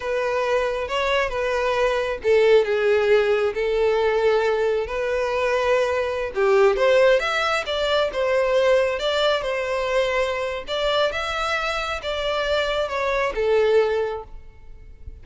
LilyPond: \new Staff \with { instrumentName = "violin" } { \time 4/4 \tempo 4 = 135 b'2 cis''4 b'4~ | b'4 a'4 gis'2 | a'2. b'4~ | b'2~ b'16 g'4 c''8.~ |
c''16 e''4 d''4 c''4.~ c''16~ | c''16 d''4 c''2~ c''8. | d''4 e''2 d''4~ | d''4 cis''4 a'2 | }